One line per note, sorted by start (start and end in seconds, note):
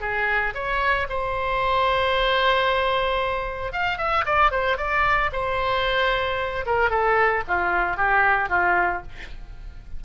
0.00 0.53 G#4
0.54 1.07 C#5
1.09 3.72 C5
3.72 3.98 F5
3.98 4.24 E5
4.25 4.51 D5
4.51 4.77 C5
4.77 5.30 D5
5.32 6.65 C5
6.66 6.90 A#4
6.90 7.43 A4
7.47 7.97 F4
7.97 8.49 G4
8.49 9.02 F4